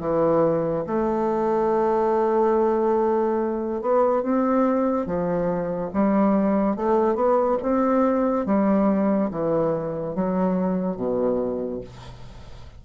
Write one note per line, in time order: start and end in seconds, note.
0.00 0.85 E3
0.87 3.81 A3
3.81 4.23 B3
4.23 5.06 C4
5.06 5.91 F3
5.93 6.76 G3
6.76 7.15 A3
7.15 7.57 B3
7.62 8.46 C4
8.46 9.30 G3
9.31 10.15 E3
10.15 10.96 F#3
10.96 11.81 B2